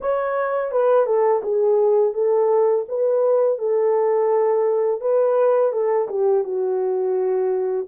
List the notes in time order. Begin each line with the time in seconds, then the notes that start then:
0.00 C#5
0.71 B4
1.06 A4
1.43 G#4
2.13 A4
2.88 B4
3.58 A4
5.01 B4
5.72 A4
6.08 G4
6.44 F#4